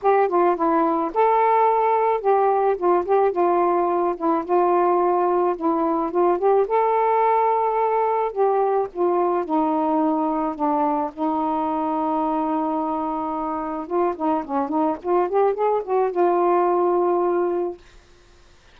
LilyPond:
\new Staff \with { instrumentName = "saxophone" } { \time 4/4 \tempo 4 = 108 g'8 f'8 e'4 a'2 | g'4 f'8 g'8 f'4. e'8 | f'2 e'4 f'8 g'8 | a'2. g'4 |
f'4 dis'2 d'4 | dis'1~ | dis'4 f'8 dis'8 cis'8 dis'8 f'8 g'8 | gis'8 fis'8 f'2. | }